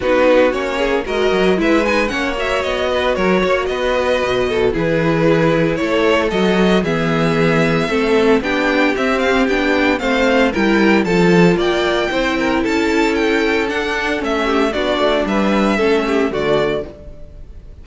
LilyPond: <<
  \new Staff \with { instrumentName = "violin" } { \time 4/4 \tempo 4 = 114 b'4 cis''4 dis''4 e''8 gis''8 | fis''8 e''8 dis''4 cis''4 dis''4~ | dis''4 b'2 cis''4 | dis''4 e''2. |
g''4 e''8 f''8 g''4 f''4 | g''4 a''4 g''2 | a''4 g''4 fis''4 e''4 | d''4 e''2 d''4 | }
  \new Staff \with { instrumentName = "violin" } { \time 4/4 fis'4. gis'8 ais'4 b'4 | cis''4. b'8 ais'8 cis''8 b'4~ | b'8 a'8 gis'2 a'4~ | a'4 gis'2 a'4 |
g'2. c''4 | ais'4 a'4 d''4 c''8 ais'8 | a'2.~ a'8 g'8 | fis'4 b'4 a'8 g'8 fis'4 | }
  \new Staff \with { instrumentName = "viola" } { \time 4/4 dis'4 cis'4 fis'4 e'8 dis'8 | cis'8 fis'2.~ fis'8~ | fis'4 e'2. | fis'4 b2 c'4 |
d'4 c'4 d'4 c'4 | e'4 f'2 e'4~ | e'2 d'4 cis'4 | d'2 cis'4 a4 | }
  \new Staff \with { instrumentName = "cello" } { \time 4/4 b4 ais4 gis8 fis8 gis4 | ais4 b4 fis8 ais8 b4 | b,4 e2 a4 | fis4 e2 a4 |
b4 c'4 b4 a4 | g4 f4 ais4 c'4 | cis'2 d'4 a4 | b8 a8 g4 a4 d4 | }
>>